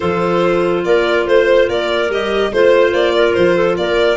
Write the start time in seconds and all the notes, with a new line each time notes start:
0.00 F3 F4 A4 C5
0.84 A#3 A#4 D5
1.26 A3 C5
1.68 A#3 A#4 D5
2.09 G3 G4 D#5
2.52 A3 F4 C5
2.93 A#3 D5
3.14 A#4
3.33 F3 C5
3.55 A4
3.77 A#3 A#4 D5